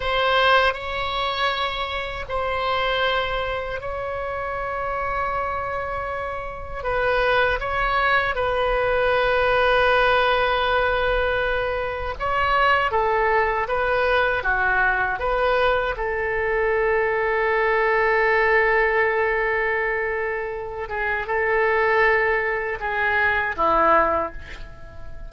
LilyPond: \new Staff \with { instrumentName = "oboe" } { \time 4/4 \tempo 4 = 79 c''4 cis''2 c''4~ | c''4 cis''2.~ | cis''4 b'4 cis''4 b'4~ | b'1 |
cis''4 a'4 b'4 fis'4 | b'4 a'2.~ | a'2.~ a'8 gis'8 | a'2 gis'4 e'4 | }